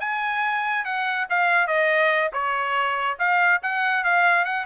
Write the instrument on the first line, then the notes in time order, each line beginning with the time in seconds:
trumpet
0.00 G#5
0.85 F#5
1.30 F5
1.67 D#5
2.33 C#5
3.19 F5
3.62 F#5
4.04 F5
4.45 F#5